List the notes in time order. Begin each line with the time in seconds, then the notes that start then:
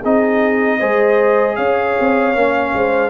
0.00 C4 D#4 G#4 D#5
0.79 G#3 G#4 C5
1.55 C#4 C#5 F5
2.00 C4
2.34 A#3 C#4
2.73 G#3 C5